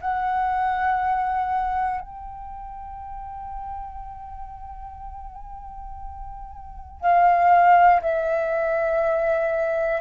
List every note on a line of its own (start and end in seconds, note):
0.00 2.00 F#5
2.00 7.00 G5
7.00 8.00 F5
8.01 10.01 E5